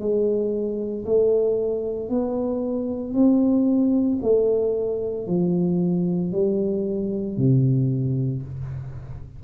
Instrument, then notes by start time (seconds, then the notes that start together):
tuba
0.00 G#3
1.06 A3
2.09 B3
3.14 C4
4.22 A3
5.27 F3
6.33 G3
7.38 C3